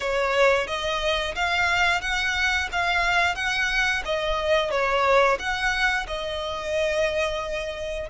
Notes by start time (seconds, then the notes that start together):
0.00 C#5
0.67 D#5
1.35 F5
2.01 F#5
2.72 F5
3.35 F#5
4.05 D#5
4.70 C#5
5.39 F#5
6.07 D#5